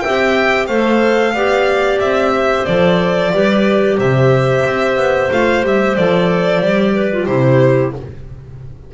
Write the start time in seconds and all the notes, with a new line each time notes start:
0.00 C4 G4 E5 G5
0.67 A3 A4 C5 F5
1.34 B3 G4 D5
2.00 C4 E5
2.32 C5
2.65 F3 A4 D5
3.33 G3 G4 B4
3.97 C3 C5 E5
4.66 C4
4.97 B3
5.31 A3 F4 F5
5.63 G3 G4 E5
5.96 F3 A4 D5
6.62 G3 G4
6.94 B4
7.12 F4
7.26 C3 E4 G4 C5